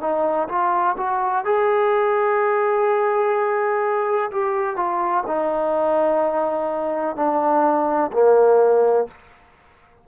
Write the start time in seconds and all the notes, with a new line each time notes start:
0.00 D#4
0.48 F4
0.97 F#4
1.45 G#4
4.31 G4
4.76 F4
5.26 D#4
7.16 D4
8.12 A#3